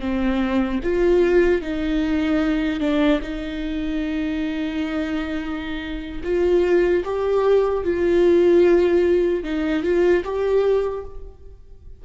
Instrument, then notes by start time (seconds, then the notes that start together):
viola
0.00 C4
0.83 F4
1.61 D#4
2.80 D4
3.21 D#4
6.24 F4
7.04 G4
7.84 F4
9.43 D#4
9.83 F4
10.24 G4